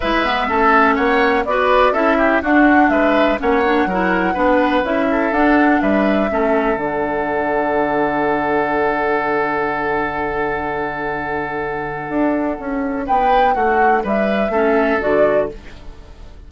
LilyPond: <<
  \new Staff \with { instrumentName = "flute" } { \time 4/4 \tempo 4 = 124 e''2 fis''4 d''4 | e''4 fis''4 e''4 fis''4~ | fis''2 e''4 fis''4 | e''2 fis''2~ |
fis''1~ | fis''1~ | fis''2. g''4 | fis''4 e''2 d''4 | }
  \new Staff \with { instrumentName = "oboe" } { \time 4/4 b'4 a'4 cis''4 b'4 | a'8 g'8 fis'4 b'4 cis''4 | ais'4 b'4. a'4. | b'4 a'2.~ |
a'1~ | a'1~ | a'2. b'4 | fis'4 b'4 a'2 | }
  \new Staff \with { instrumentName = "clarinet" } { \time 4/4 e'8 b8 cis'2 fis'4 | e'4 d'2 cis'8 d'8 | e'4 d'4 e'4 d'4~ | d'4 cis'4 d'2~ |
d'1~ | d'1~ | d'1~ | d'2 cis'4 fis'4 | }
  \new Staff \with { instrumentName = "bassoon" } { \time 4/4 gis4 a4 ais4 b4 | cis'4 d'4 gis4 ais4 | fis4 b4 cis'4 d'4 | g4 a4 d2~ |
d1~ | d1~ | d4 d'4 cis'4 b4 | a4 g4 a4 d4 | }
>>